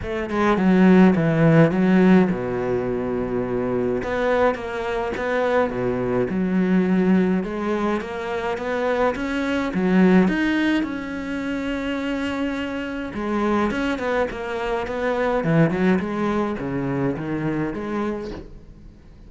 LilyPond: \new Staff \with { instrumentName = "cello" } { \time 4/4 \tempo 4 = 105 a8 gis8 fis4 e4 fis4 | b,2. b4 | ais4 b4 b,4 fis4~ | fis4 gis4 ais4 b4 |
cis'4 fis4 dis'4 cis'4~ | cis'2. gis4 | cis'8 b8 ais4 b4 e8 fis8 | gis4 cis4 dis4 gis4 | }